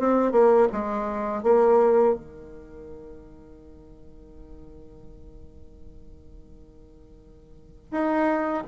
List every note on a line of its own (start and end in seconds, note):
0.00 0.32 C4
0.32 0.68 A#3
0.73 1.44 G#3
1.44 2.16 A#3
2.16 7.92 D#3
7.92 8.64 D#4